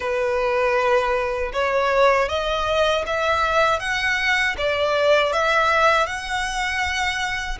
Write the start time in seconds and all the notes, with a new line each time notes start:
0.00 B4
1.52 C#5
2.28 D#5
3.06 E5
3.79 F#5
4.57 D5
5.32 E5
6.06 F#5